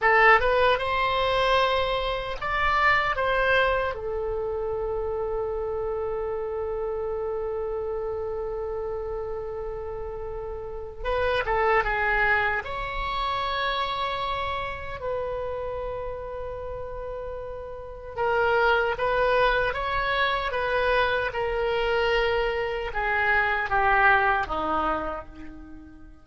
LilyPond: \new Staff \with { instrumentName = "oboe" } { \time 4/4 \tempo 4 = 76 a'8 b'8 c''2 d''4 | c''4 a'2.~ | a'1~ | a'2 b'8 a'8 gis'4 |
cis''2. b'4~ | b'2. ais'4 | b'4 cis''4 b'4 ais'4~ | ais'4 gis'4 g'4 dis'4 | }